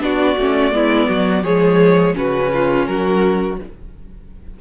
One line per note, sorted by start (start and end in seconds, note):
0.00 0.36 B3
0.00 0.36 D4
0.00 0.74 F#4
0.00 1.44 D5
0.37 0.72 A3
0.37 0.72 C#4
0.72 1.07 G#3
0.72 1.43 B3
0.72 1.09 E4
1.09 1.43 F#3
1.09 1.43 F#4
1.43 2.15 F3
1.43 2.14 G#3
1.43 2.14 G#4
1.43 2.15 C#5
2.14 2.87 C#3
2.14 3.57 C#4
2.14 2.53 F#4
2.14 2.86 B4
2.53 2.89 F4
2.86 3.59 F#3
2.86 3.61 F#4
2.86 3.57 A#4